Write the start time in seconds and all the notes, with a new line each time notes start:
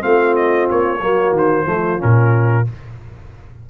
0.00 A3 C4 F4 F5
0.35 D#5
0.70 A#3 C#5
0.99 F#3 A#3 F#4
1.31 D#3
1.37 C5
1.65 F3 A3 F4
1.98 A#2 C#4 A#4